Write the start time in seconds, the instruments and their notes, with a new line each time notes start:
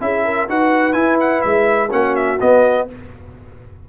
0.00 tuba C#4, trombone E4, horn G#4, trumpet E5
0.25 horn A#4
0.48 tuba D#4, trombone F#4, horn B4, trumpet F#5
0.93 trombone E4, tuba E4, trumpet G#5
1.20 trumpet F#5
1.41 tuba G#3, trumpet E5
1.90 tuba A#3, trombone C#4, horn F#4, trumpet F#5
2.15 trumpet E5
2.40 trombone B3, tuba B3, trumpet D#5